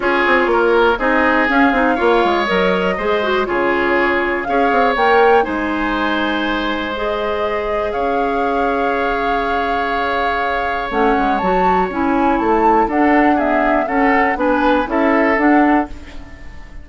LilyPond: <<
  \new Staff \with { instrumentName = "flute" } { \time 4/4 \tempo 4 = 121 cis''2 dis''4 f''4~ | f''4 dis''2 cis''4~ | cis''4 f''4 g''4 gis''4~ | gis''2 dis''2 |
f''1~ | f''2 fis''4 a''4 | gis''4 a''4 fis''4 e''4 | fis''4 gis''4 e''4 fis''4 | }
  \new Staff \with { instrumentName = "oboe" } { \time 4/4 gis'4 ais'4 gis'2 | cis''2 c''4 gis'4~ | gis'4 cis''2 c''4~ | c''1 |
cis''1~ | cis''1~ | cis''2 a'4 gis'4 | a'4 b'4 a'2 | }
  \new Staff \with { instrumentName = "clarinet" } { \time 4/4 f'2 dis'4 cis'8 dis'8 | f'4 ais'4 gis'8 fis'8 f'4~ | f'4 gis'4 ais'4 dis'4~ | dis'2 gis'2~ |
gis'1~ | gis'2 cis'4 fis'4 | e'2 d'4 b4 | cis'4 d'4 e'4 d'4 | }
  \new Staff \with { instrumentName = "bassoon" } { \time 4/4 cis'8 c'8 ais4 c'4 cis'8 c'8 | ais8 gis8 fis4 gis4 cis4~ | cis4 cis'8 c'8 ais4 gis4~ | gis1 |
cis'1~ | cis'2 a8 gis8 fis4 | cis'4 a4 d'2 | cis'4 b4 cis'4 d'4 | }
>>